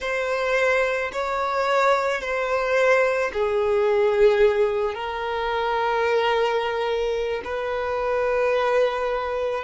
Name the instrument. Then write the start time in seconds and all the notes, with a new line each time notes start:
violin
0.01 C5
1.12 C#5
2.21 C5
3.33 G#4
4.94 A#4
7.44 B4